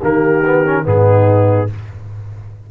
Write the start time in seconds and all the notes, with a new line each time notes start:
0.00 D#3 A#3 G4 A#4
0.44 B3
0.65 C#4
0.84 G#2 B3 D#4 G#4